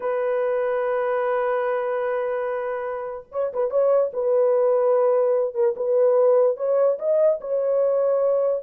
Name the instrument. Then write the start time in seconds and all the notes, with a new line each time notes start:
horn
0.00 B4
3.31 C#5
3.53 B4
3.70 C#5
4.13 B4
5.54 A#4
5.76 B4
6.57 C#5
6.99 D#5
7.40 C#5